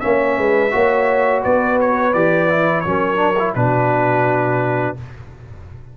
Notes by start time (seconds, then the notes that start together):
0.00 A#3 C#4 C#5 E5
0.38 G#3 B4
0.71 A#3 F#4 C#5
1.44 B3 B4 D5
1.81 C#5
2.14 E3 G4 D5
2.49 E4
2.81 F#3 C#4 C#5
2.88 A#4
3.16 D4
3.39 E4
3.55 B2 D4 F#4 B4